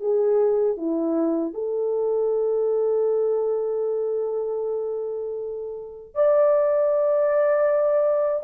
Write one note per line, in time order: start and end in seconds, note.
0.00 0.77 G#4
0.77 1.54 E4
1.54 6.15 A4
6.15 8.44 D5